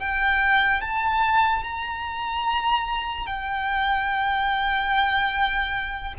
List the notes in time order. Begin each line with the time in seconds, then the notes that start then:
0.00 G5
0.82 A5
1.64 A#5
3.27 G5